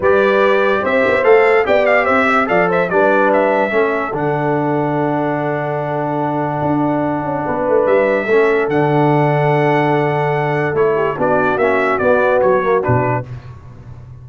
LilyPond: <<
  \new Staff \with { instrumentName = "trumpet" } { \time 4/4 \tempo 4 = 145 d''2 e''4 f''4 | g''8 f''8 e''4 f''8 e''8 d''4 | e''2 fis''2~ | fis''1~ |
fis''2. e''4~ | e''4 fis''2.~ | fis''2 cis''4 d''4 | e''4 d''4 cis''4 b'4 | }
  \new Staff \with { instrumentName = "horn" } { \time 4/4 b'2 c''2 | d''4 c''8 e''8 d''8 c''8 b'4~ | b'4 a'2.~ | a'1~ |
a'2 b'2 | a'1~ | a'2~ a'8 g'8 fis'4~ | fis'1 | }
  \new Staff \with { instrumentName = "trombone" } { \time 4/4 g'2. a'4 | g'2 a'4 d'4~ | d'4 cis'4 d'2~ | d'1~ |
d'1 | cis'4 d'2.~ | d'2 e'4 d'4 | cis'4 b4. ais8 d'4 | }
  \new Staff \with { instrumentName = "tuba" } { \time 4/4 g2 c'8 b8 a4 | b4 c'4 f4 g4~ | g4 a4 d2~ | d1 |
d'4. cis'8 b8 a8 g4 | a4 d2.~ | d2 a4 b4 | ais4 b4 fis4 b,4 | }
>>